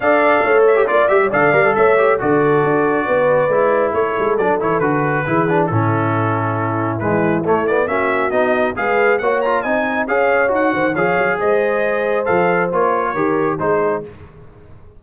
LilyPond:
<<
  \new Staff \with { instrumentName = "trumpet" } { \time 4/4 \tempo 4 = 137 f''4. e''8 d''8 e''8 f''4 | e''4 d''2.~ | d''4 cis''4 d''8 cis''8 b'4~ | b'4 a'2. |
b'4 cis''8 d''8 e''4 dis''4 | f''4 fis''8 ais''8 gis''4 f''4 | fis''4 f''4 dis''2 | f''4 cis''2 c''4 | }
  \new Staff \with { instrumentName = "horn" } { \time 4/4 d''4 cis''4 d''8. cis''16 d''4 | cis''4 a'2 b'4~ | b'4 a'2. | gis'4 e'2.~ |
e'2 fis'2 | b'4 cis''4 dis''4 cis''4~ | cis''8 c''8 cis''4 c''2~ | c''2 ais'4 gis'4 | }
  \new Staff \with { instrumentName = "trombone" } { \time 4/4 a'4.~ a'16 g'16 f'8 g'8 a'8 ais'16 a'16~ | a'8 g'8 fis'2. | e'2 d'8 e'8 fis'4 | e'8 d'8 cis'2. |
gis4 a8 b8 cis'4 dis'4 | gis'4 fis'8 f'8 dis'4 gis'4 | fis'4 gis'2. | a'4 f'4 g'4 dis'4 | }
  \new Staff \with { instrumentName = "tuba" } { \time 4/4 d'4 a4 ais8 g8 d8 g8 | a4 d4 d'4 b4 | gis4 a8 gis8 fis8 e8 d4 | e4 a,2. |
e4 a4 ais4 b4 | gis4 ais4 c'4 cis'4 | dis'8 dis8 f8 fis8 gis2 | f4 ais4 dis4 gis4 | }
>>